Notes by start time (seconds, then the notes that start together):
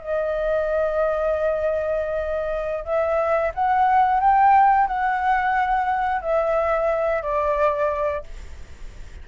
0.00 D#5
2.84 E5
3.54 F#5
4.20 G5
4.87 F#5
6.21 E5
7.22 D5